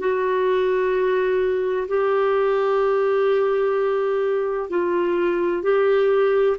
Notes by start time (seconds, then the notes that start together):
0.00 F#4
1.89 G4
4.70 F4
5.63 G4